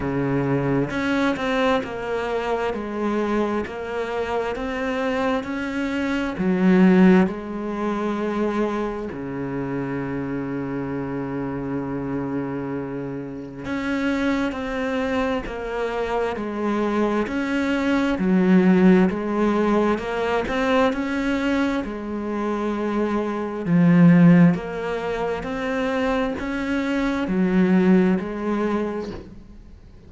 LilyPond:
\new Staff \with { instrumentName = "cello" } { \time 4/4 \tempo 4 = 66 cis4 cis'8 c'8 ais4 gis4 | ais4 c'4 cis'4 fis4 | gis2 cis2~ | cis2. cis'4 |
c'4 ais4 gis4 cis'4 | fis4 gis4 ais8 c'8 cis'4 | gis2 f4 ais4 | c'4 cis'4 fis4 gis4 | }